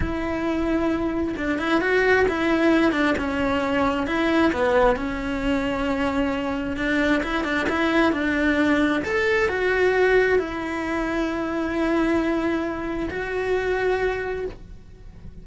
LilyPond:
\new Staff \with { instrumentName = "cello" } { \time 4/4 \tempo 4 = 133 e'2. d'8 e'8 | fis'4 e'4. d'8 cis'4~ | cis'4 e'4 b4 cis'4~ | cis'2. d'4 |
e'8 d'8 e'4 d'2 | a'4 fis'2 e'4~ | e'1~ | e'4 fis'2. | }